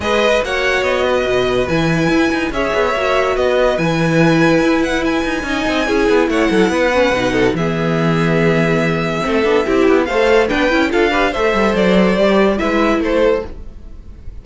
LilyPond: <<
  \new Staff \with { instrumentName = "violin" } { \time 4/4 \tempo 4 = 143 dis''4 fis''4 dis''2 | gis''2 e''2 | dis''4 gis''2~ gis''8 fis''8 | gis''2. fis''4~ |
fis''2 e''2~ | e''1 | f''4 g''4 f''4 e''4 | d''2 e''4 c''4 | }
  \new Staff \with { instrumentName = "violin" } { \time 4/4 b'4 cis''4. b'4.~ | b'2 cis''2 | b'1~ | b'4 dis''4 gis'4 cis''8 a'8 |
b'4. a'8 gis'2~ | gis'2 a'4 g'4 | c''4 b'4 a'8 b'8 c''4~ | c''2 b'4 a'4 | }
  \new Staff \with { instrumentName = "viola" } { \time 4/4 gis'4 fis'2. | e'2 gis'4 fis'4~ | fis'4 e'2.~ | e'4 dis'4 e'2~ |
e'8 cis'8 dis'4 b2~ | b2 c'8 d'8 e'4 | a'4 d'8 e'8 f'8 g'8 a'4~ | a'4 g'4 e'2 | }
  \new Staff \with { instrumentName = "cello" } { \time 4/4 gis4 ais4 b4 b,4 | e4 e'8 dis'8 cis'8 b8 ais4 | b4 e2 e'4~ | e'8 dis'8 cis'8 c'8 cis'8 b8 a8 fis8 |
b4 b,4 e2~ | e2 a8 b8 c'8 b8 | a4 b8 cis'8 d'4 a8 g8 | fis4 g4 gis4 a4 | }
>>